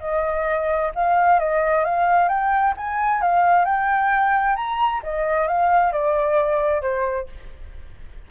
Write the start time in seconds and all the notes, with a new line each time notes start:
0.00 D#5
0.94 F5
1.39 D#5
1.84 F5
2.28 G5
2.76 G#5
3.21 F5
3.65 G5
4.55 A#5
5.03 D#5
5.47 F5
5.92 D5
6.81 C5